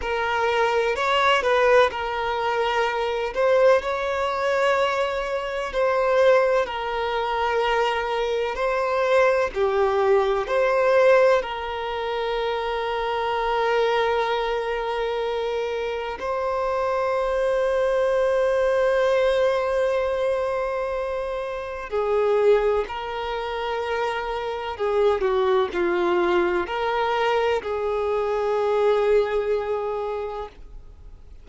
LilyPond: \new Staff \with { instrumentName = "violin" } { \time 4/4 \tempo 4 = 63 ais'4 cis''8 b'8 ais'4. c''8 | cis''2 c''4 ais'4~ | ais'4 c''4 g'4 c''4 | ais'1~ |
ais'4 c''2.~ | c''2. gis'4 | ais'2 gis'8 fis'8 f'4 | ais'4 gis'2. | }